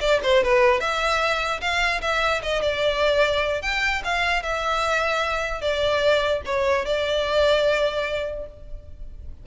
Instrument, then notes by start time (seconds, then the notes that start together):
violin
0.00 D5
0.23 C5
0.43 B4
0.80 E5
1.61 F5
2.01 E5
2.43 D#5
2.62 D5
3.62 G5
4.04 F5
4.42 E5
5.61 D5
6.45 C#5
6.85 D5